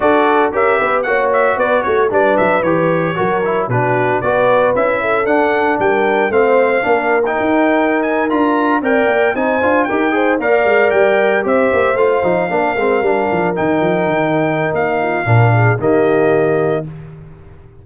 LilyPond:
<<
  \new Staff \with { instrumentName = "trumpet" } { \time 4/4 \tempo 4 = 114 d''4 e''4 fis''8 e''8 d''8 cis''8 | d''8 e''8 cis''2 b'4 | d''4 e''4 fis''4 g''4 | f''4.~ f''16 g''4. gis''8 ais''16~ |
ais''8. g''4 gis''4 g''4 f''16~ | f''8. g''4 e''4 f''4~ f''16~ | f''4.~ f''16 g''2~ g''16 | f''2 dis''2 | }
  \new Staff \with { instrumentName = "horn" } { \time 4/4 a'4 ais'8 b'8 cis''4 b'8 fis'8 | b'2 ais'4 fis'4 | b'4. a'4. ais'4 | c''4 ais'2.~ |
ais'8. d''4 c''4 ais'8 c''8 d''16~ | d''4.~ d''16 c''2 ais'16~ | ais'1~ | ais'8 f'8 ais'8 gis'8 g'2 | }
  \new Staff \with { instrumentName = "trombone" } { \time 4/4 fis'4 g'4 fis'2 | d'4 g'4 fis'8 e'8 d'4 | fis'4 e'4 d'2 | c'4 d'8. dis'2 f'16~ |
f'8. ais'4 dis'8 f'8 g'8 gis'8 ais'16~ | ais'4.~ ais'16 g'4 f'8 dis'8 d'16~ | d'16 c'8 d'4 dis'2~ dis'16~ | dis'4 d'4 ais2 | }
  \new Staff \with { instrumentName = "tuba" } { \time 4/4 d'4 cis'8 b8 ais4 b8 a8 | g8 fis8 e4 fis4 b,4 | b4 cis'4 d'4 g4 | a4 ais4 dis'4.~ dis'16 d'16~ |
d'8. c'8 ais8 c'8 d'8 dis'4 ais16~ | ais16 gis8 g4 c'8 ais8 a8 f8 ais16~ | ais16 gis8 g8 f8 dis8 f8 dis4~ dis16 | ais4 ais,4 dis2 | }
>>